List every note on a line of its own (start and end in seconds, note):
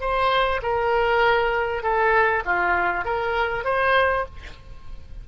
0.00 0.61 C5
0.62 1.83 A#4
1.83 2.43 A4
2.45 3.05 F4
3.05 3.64 A#4
3.64 4.25 C5